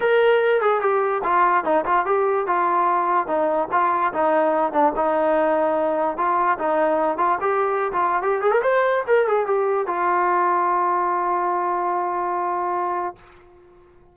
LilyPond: \new Staff \with { instrumentName = "trombone" } { \time 4/4 \tempo 4 = 146 ais'4. gis'8 g'4 f'4 | dis'8 f'8 g'4 f'2 | dis'4 f'4 dis'4. d'8 | dis'2. f'4 |
dis'4. f'8 g'4~ g'16 f'8. | g'8 gis'16 ais'16 c''4 ais'8 gis'8 g'4 | f'1~ | f'1 | }